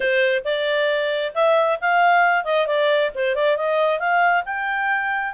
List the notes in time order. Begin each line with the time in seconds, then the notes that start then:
0.00 C5
0.44 D5
1.34 E5
1.80 F5
2.44 D#5
2.66 D5
3.15 C5
3.35 D5
3.56 D#5
3.99 F5
4.45 G5